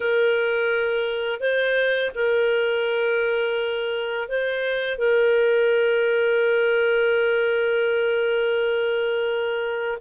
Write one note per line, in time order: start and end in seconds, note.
0.00 1.39 A#4
1.39 2.11 C5
2.15 4.28 A#4
4.28 4.98 C5
4.98 9.98 A#4